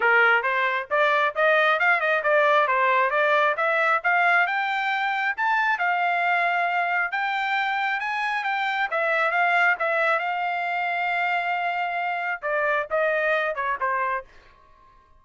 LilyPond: \new Staff \with { instrumentName = "trumpet" } { \time 4/4 \tempo 4 = 135 ais'4 c''4 d''4 dis''4 | f''8 dis''8 d''4 c''4 d''4 | e''4 f''4 g''2 | a''4 f''2. |
g''2 gis''4 g''4 | e''4 f''4 e''4 f''4~ | f''1 | d''4 dis''4. cis''8 c''4 | }